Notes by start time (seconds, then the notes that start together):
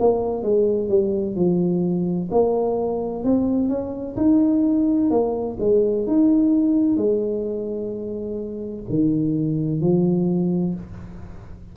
0.00 A#3
0.43 G#3
0.89 G3
1.36 F3
2.31 A#3
3.24 C4
3.69 C#4
4.17 D#4
5.11 A#3
5.60 G#3
6.07 D#4
6.97 G#3
8.89 D#3
9.81 F3